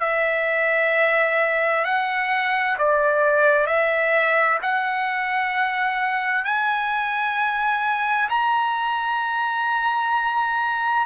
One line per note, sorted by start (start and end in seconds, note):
0.00 1.85 E5
1.85 2.77 F#5
2.79 3.67 D5
3.67 4.59 E5
4.62 6.45 F#5
6.45 8.30 G#5
8.30 11.06 A#5